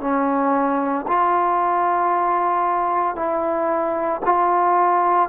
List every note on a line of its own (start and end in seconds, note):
0.00 1.05 C#4
1.08 3.15 F4
3.15 4.21 E4
4.25 5.29 F4